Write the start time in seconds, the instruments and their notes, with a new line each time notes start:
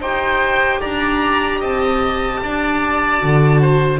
0.00 double bass D#4, viola G4, oboe C5, violin G5
0.80 double bass D4, oboe D5, violin A#5
1.59 double bass C4, oboe D#5, violin A5
2.42 double bass D4, oboe D5
3.18 double bass D3, viola F#4
3.61 oboe C5